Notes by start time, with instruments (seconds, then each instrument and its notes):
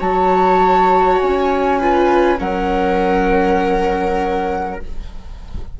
0.00 bassoon F#3, viola F#4 C#5, flute A5
1.19 bassoon C#4, flute G#5
1.79 viola F4 B4
2.38 bassoon F#3, viola C#4 A#4, flute F#5